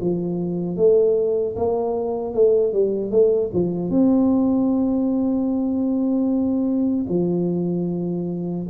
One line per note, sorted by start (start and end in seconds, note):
0.00 0.76 F3
0.76 1.55 A3
1.56 2.34 A#3
2.34 2.73 A3
2.73 3.11 G3
3.11 3.50 A3
3.53 3.90 F3
3.90 7.06 C4
7.09 8.67 F3